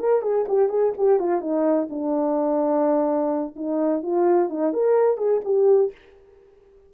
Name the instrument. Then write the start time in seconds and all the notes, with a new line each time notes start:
horn
0.00 A#4
0.22 G#4
0.48 G4
0.70 G#4
0.98 G4
1.20 F4
1.42 D#4
1.90 D4
3.56 D#4
4.03 F4
4.50 D#4
4.74 A#4
5.18 G#4
5.45 G4